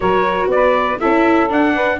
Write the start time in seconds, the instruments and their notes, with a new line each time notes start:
0.00 tuba F#3, viola F#4, saxophone A#4, trumpet C#5
0.47 tuba B3, trumpet D5
0.54 saxophone B4
0.99 tuba C#4, viola E4, saxophone A4, trumpet E5
1.49 viola D4, tuba D4, trumpet F#5
1.74 saxophone B4